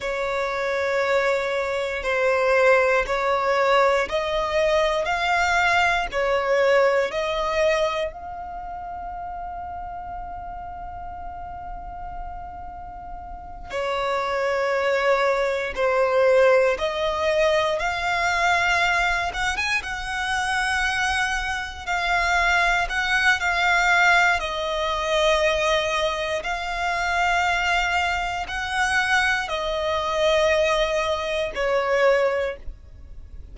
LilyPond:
\new Staff \with { instrumentName = "violin" } { \time 4/4 \tempo 4 = 59 cis''2 c''4 cis''4 | dis''4 f''4 cis''4 dis''4 | f''1~ | f''4. cis''2 c''8~ |
c''8 dis''4 f''4. fis''16 gis''16 fis''8~ | fis''4. f''4 fis''8 f''4 | dis''2 f''2 | fis''4 dis''2 cis''4 | }